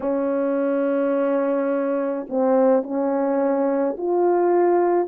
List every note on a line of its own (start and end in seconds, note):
0.00 2.26 C#4
2.29 2.83 C4
2.83 3.96 C#4
3.97 5.08 F4